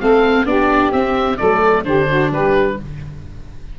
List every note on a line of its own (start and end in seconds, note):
0.00 0.46 A3
0.00 0.46 C4
0.00 0.46 A4
0.00 0.47 F5
0.46 0.92 B3
0.46 0.92 D4
0.46 1.37 G4
0.46 0.92 D5
0.92 1.38 C4
0.92 1.39 C4
0.92 1.37 E5
1.37 1.86 F#3
1.37 1.85 A3
1.37 1.83 A4
1.37 1.84 D5
1.85 2.31 D3
1.85 2.78 D4
1.85 2.08 G4
1.85 2.31 C5
2.08 2.30 F#4
2.30 2.77 G3
2.30 2.76 G4
2.30 2.80 B4